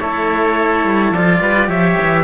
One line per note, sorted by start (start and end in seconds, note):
0.00 0.85 A3
0.00 1.15 E4
0.00 1.42 A4
0.00 1.13 C#5
0.85 1.12 G3
1.12 1.40 F3
1.12 1.68 F4
1.12 1.70 D5
1.42 1.69 G3
1.42 1.69 B4
1.68 1.97 F3
1.68 2.24 G4
1.68 2.25 C#5
1.68 2.25 E5
2.01 2.25 E3